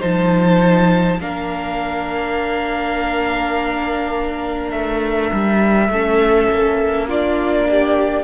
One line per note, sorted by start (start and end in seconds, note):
0.00 1.21 F3
0.00 1.18 D#4
0.00 1.18 C5
0.00 1.20 A5
1.21 4.72 A#3
1.21 5.92 D4
1.21 5.92 A#4
1.21 4.71 F5
4.71 5.31 A3
4.71 7.06 E5
5.33 5.89 G3
5.89 6.48 A3
5.89 7.09 C#4
5.89 7.08 A4
6.50 8.24 A#3
7.08 8.24 D4
7.08 7.67 F4
7.08 8.24 D5
7.71 8.24 G4